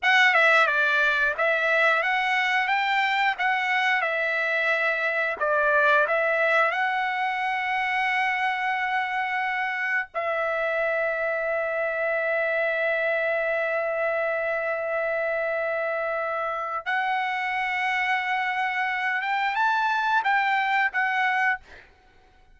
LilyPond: \new Staff \with { instrumentName = "trumpet" } { \time 4/4 \tempo 4 = 89 fis''8 e''8 d''4 e''4 fis''4 | g''4 fis''4 e''2 | d''4 e''4 fis''2~ | fis''2. e''4~ |
e''1~ | e''1~ | e''4 fis''2.~ | fis''8 g''8 a''4 g''4 fis''4 | }